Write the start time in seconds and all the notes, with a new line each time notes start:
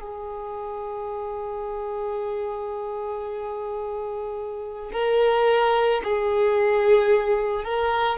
0.00 G#4
4.93 A#4
6.04 G#4
7.64 A#4